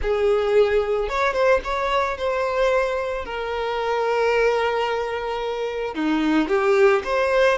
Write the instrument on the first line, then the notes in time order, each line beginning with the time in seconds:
violin
0.02 G#4
1.08 C#5
1.33 C5
1.63 C#5
2.17 C5
3.25 A#4
5.94 D#4
6.48 G4
7.04 C5